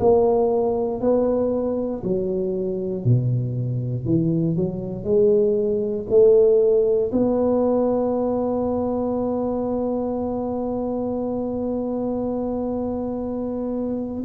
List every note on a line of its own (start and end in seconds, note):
0.00 1.01 A#3
1.01 2.02 B3
2.04 3.05 F#3
3.05 4.05 B2
4.05 4.56 E3
4.56 5.04 F#3
5.04 6.06 G#3
6.10 7.11 A3
7.12 14.24 B3